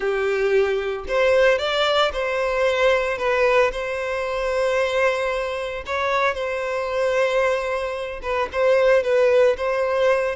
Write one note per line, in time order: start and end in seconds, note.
0.00 1.05 G4
1.08 1.58 C5
1.58 2.11 D5
2.12 3.18 C5
3.18 3.71 B4
3.71 5.84 C5
5.86 6.34 C#5
6.34 8.20 C5
8.22 8.48 B4
8.52 9.03 C5
9.03 9.56 B4
9.57 10.35 C5